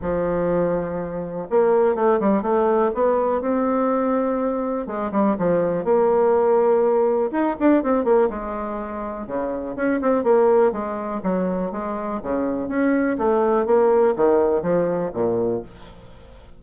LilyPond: \new Staff \with { instrumentName = "bassoon" } { \time 4/4 \tempo 4 = 123 f2. ais4 | a8 g8 a4 b4 c'4~ | c'2 gis8 g8 f4 | ais2. dis'8 d'8 |
c'8 ais8 gis2 cis4 | cis'8 c'8 ais4 gis4 fis4 | gis4 cis4 cis'4 a4 | ais4 dis4 f4 ais,4 | }